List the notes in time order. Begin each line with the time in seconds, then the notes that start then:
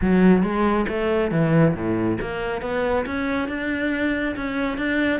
0.01 F#3
0.42 G#3
0.88 A3
1.31 E3
1.74 A2
2.21 A#3
2.61 B3
3.06 C#4
3.48 D4
4.36 C#4
4.77 D4